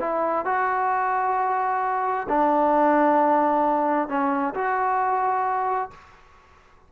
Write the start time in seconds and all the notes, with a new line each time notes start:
0.00 E4
0.45 F#4
2.29 D4
4.08 C#4
4.54 F#4